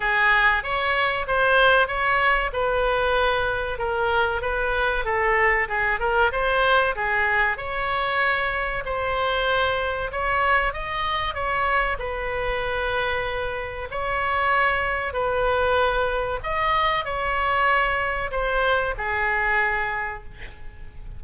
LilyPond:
\new Staff \with { instrumentName = "oboe" } { \time 4/4 \tempo 4 = 95 gis'4 cis''4 c''4 cis''4 | b'2 ais'4 b'4 | a'4 gis'8 ais'8 c''4 gis'4 | cis''2 c''2 |
cis''4 dis''4 cis''4 b'4~ | b'2 cis''2 | b'2 dis''4 cis''4~ | cis''4 c''4 gis'2 | }